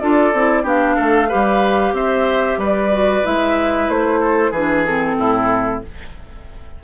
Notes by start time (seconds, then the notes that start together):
0.00 D4 F4 A4 D5
0.33 C4 E4
0.63 B3 D4 G4 F5
0.96 A3 A4
1.29 G3 G4 B4
1.93 C4 C5 E5
2.57 G3 B4 D5
2.92 F#4
3.24 G#3 E4 E5
3.89 A3 C5
4.21 A4
4.51 E3 D4 G#4 B4
4.85 C4 A4
5.18 A2 E4